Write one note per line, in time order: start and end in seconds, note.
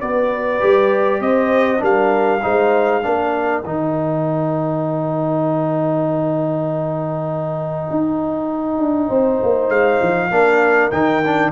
0.00 0.62 B3
0.00 0.60 F#4
0.00 1.21 B4
0.00 1.21 D5
0.60 1.20 G3
0.60 1.78 G4
1.20 1.81 C4
1.20 1.81 C5
1.20 1.82 D#5
1.78 2.43 G3
1.78 2.39 D4
1.78 2.42 A#4
1.78 3.64 F5
2.42 3.05 G#3
2.42 3.02 D#4
2.42 3.03 C5
3.02 3.64 A#3
3.02 3.63 D4
3.02 9.09 A#4
3.64 7.88 D#3
3.64 10.31 D#4
3.64 9.69 G5
7.90 8.79 D#4
8.79 9.09 D4
9.09 9.40 C4
9.09 10.30 C5
9.43 9.69 A#3
9.69 9.99 G#3
9.69 10.91 F5
10.01 10.31 F3
10.30 10.91 A#3
10.30 10.91 D4
10.30 11.51 A#4
10.91 11.52 D#3
10.91 11.23 D#4
10.91 11.52 G5
11.23 11.52 D4